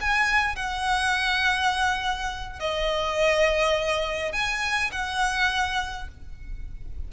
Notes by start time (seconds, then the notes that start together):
0.00 G#5
0.55 F#5
2.59 D#5
4.32 G#5
4.91 F#5